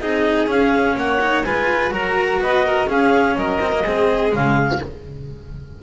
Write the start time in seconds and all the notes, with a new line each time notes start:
0.00 C4 D#4 G#4 D#5
0.47 C#4 F5
0.96 A#3 C#5 F#5
1.21 D#4
1.44 G#3 F4 B4 G#5
1.91 F#3 F#4 A#4 A#5
2.39 B3 B4 D#5
2.66 A#4
2.87 C#4 G#4 F5
3.36 F#3 A#4 D#5
3.60 C4
3.73 A#3
3.83 G#3 C4 G#4
4.30 C#3 G#3 F5